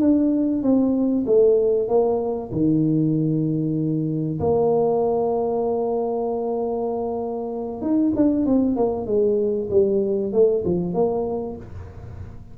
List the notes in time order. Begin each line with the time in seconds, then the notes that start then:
0.00 D4
0.62 C4
1.26 A3
1.88 A#3
2.52 D#3
4.40 A#3
7.81 D#4
8.16 D4
8.46 C4
8.76 A#3
9.06 G#3
9.70 G3
10.33 A3
10.64 F3
10.94 A#3